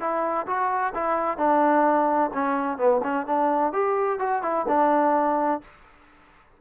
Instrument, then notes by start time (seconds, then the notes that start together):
trombone
0.00 E4
0.47 F#4
0.95 E4
1.38 D4
2.34 C#4
2.78 B3
3.03 C#4
3.27 D4
3.73 G4
4.19 F#4
4.42 E4
4.68 D4